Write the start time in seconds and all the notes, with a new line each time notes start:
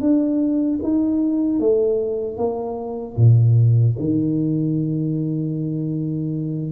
0.00 D4
0.82 D#4
1.59 A3
2.36 A#3
3.16 A#2
3.99 D#3